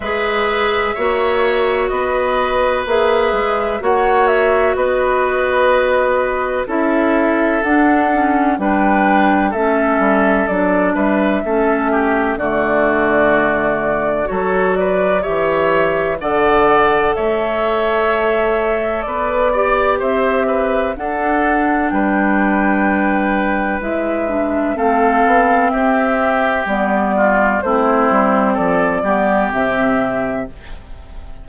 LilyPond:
<<
  \new Staff \with { instrumentName = "flute" } { \time 4/4 \tempo 4 = 63 e''2 dis''4 e''4 | fis''8 e''8 dis''2 e''4 | fis''4 g''4 e''4 d''8 e''8~ | e''4 d''2 cis''8 d''8 |
e''4 fis''4 e''2 | d''4 e''4 fis''4 g''4~ | g''4 e''4 f''4 e''4 | d''4 c''4 d''4 e''4 | }
  \new Staff \with { instrumentName = "oboe" } { \time 4/4 b'4 cis''4 b'2 | cis''4 b'2 a'4~ | a'4 b'4 a'4. b'8 | a'8 g'8 fis'2 a'8 b'8 |
cis''4 d''4 cis''2 | b'8 d''8 c''8 b'8 a'4 b'4~ | b'2 a'4 g'4~ | g'8 f'8 e'4 a'8 g'4. | }
  \new Staff \with { instrumentName = "clarinet" } { \time 4/4 gis'4 fis'2 gis'4 | fis'2. e'4 | d'8 cis'8 d'4 cis'4 d'4 | cis'4 a2 fis'4 |
g'4 a'2.~ | a'8 g'4. d'2~ | d'4 e'8 d'8 c'2 | b4 c'4. b8 c'4 | }
  \new Staff \with { instrumentName = "bassoon" } { \time 4/4 gis4 ais4 b4 ais8 gis8 | ais4 b2 cis'4 | d'4 g4 a8 g8 fis8 g8 | a4 d2 fis4 |
e4 d4 a2 | b4 c'4 d'4 g4~ | g4 gis4 a8 b8 c'4 | g4 a8 g8 f8 g8 c4 | }
>>